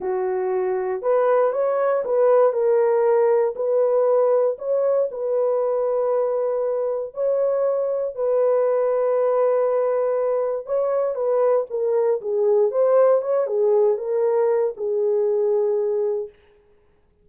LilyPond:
\new Staff \with { instrumentName = "horn" } { \time 4/4 \tempo 4 = 118 fis'2 b'4 cis''4 | b'4 ais'2 b'4~ | b'4 cis''4 b'2~ | b'2 cis''2 |
b'1~ | b'4 cis''4 b'4 ais'4 | gis'4 c''4 cis''8 gis'4 ais'8~ | ais'4 gis'2. | }